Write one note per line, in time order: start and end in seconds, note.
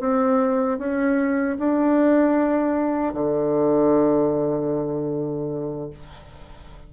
0.00 0.78 C4
0.78 1.57 C#4
1.59 3.14 D4
3.14 5.90 D3